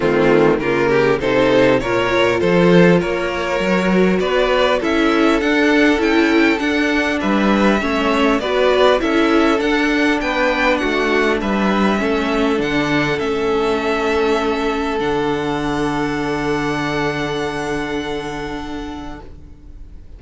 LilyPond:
<<
  \new Staff \with { instrumentName = "violin" } { \time 4/4 \tempo 4 = 100 f'4 ais'4 c''4 cis''4 | c''4 cis''2 d''4 | e''4 fis''4 g''4 fis''4 | e''2 d''4 e''4 |
fis''4 g''4 fis''4 e''4~ | e''4 fis''4 e''2~ | e''4 fis''2.~ | fis''1 | }
  \new Staff \with { instrumentName = "violin" } { \time 4/4 c'4 f'8 g'8 a'4 ais'4 | a'4 ais'2 b'4 | a'1 | b'4 cis''4 b'4 a'4~ |
a'4 b'4 fis'4 b'4 | a'1~ | a'1~ | a'1 | }
  \new Staff \with { instrumentName = "viola" } { \time 4/4 a4 ais4 dis'4 f'4~ | f'2 fis'2 | e'4 d'4 e'4 d'4~ | d'4 cis'4 fis'4 e'4 |
d'1 | cis'4 d'4 cis'2~ | cis'4 d'2.~ | d'1 | }
  \new Staff \with { instrumentName = "cello" } { \time 4/4 dis4 cis4 c4 ais,4 | f4 ais4 fis4 b4 | cis'4 d'4 cis'4 d'4 | g4 a4 b4 cis'4 |
d'4 b4 a4 g4 | a4 d4 a2~ | a4 d2.~ | d1 | }
>>